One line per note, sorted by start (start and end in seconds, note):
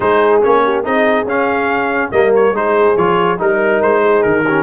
0.00 0.42 G#3
0.00 0.41 D#4
0.00 0.63 G#4
0.00 0.42 C5
0.42 0.85 A#3
0.42 0.83 C#4
0.42 0.85 C#5
0.64 0.83 G4
0.83 1.24 C4
0.83 1.26 D#4
0.83 2.10 G#4
0.83 1.27 D#5
1.24 2.09 C#4
1.24 2.12 C#4
1.24 2.11 F5
2.11 2.51 G3
2.11 2.54 A#3
2.11 2.54 A#4
2.11 2.32 D#5
2.35 2.55 C#5
2.51 2.93 G#3
2.51 2.96 D#4
2.51 3.39 G#4
2.51 2.97 C5
2.97 3.39 F3
2.97 3.37 F4
2.97 3.39 C#5
3.37 3.81 G3
3.37 4.43 D#4
3.37 4.01 A#4
3.37 3.82 A#4
3.81 4.24 G#3
3.81 4.23 C5
4.01 4.43 G#4
4.23 4.63 D#3
4.23 4.63 A#4
4.43 4.63 C#4
4.43 4.63 G4